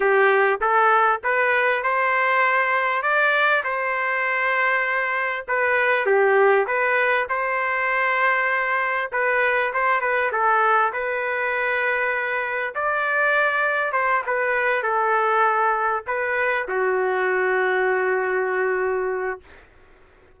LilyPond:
\new Staff \with { instrumentName = "trumpet" } { \time 4/4 \tempo 4 = 99 g'4 a'4 b'4 c''4~ | c''4 d''4 c''2~ | c''4 b'4 g'4 b'4 | c''2. b'4 |
c''8 b'8 a'4 b'2~ | b'4 d''2 c''8 b'8~ | b'8 a'2 b'4 fis'8~ | fis'1 | }